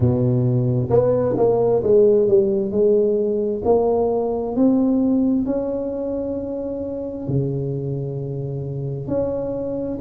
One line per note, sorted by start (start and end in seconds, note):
0.00 0.89 B2
0.90 1.35 B3
1.37 1.82 A#3
1.83 2.28 G#3
2.28 2.71 G3
2.71 3.62 G#3
3.64 4.55 A#3
4.56 5.45 C4
5.45 7.27 C#4
7.27 9.07 C#3
9.07 9.98 C#4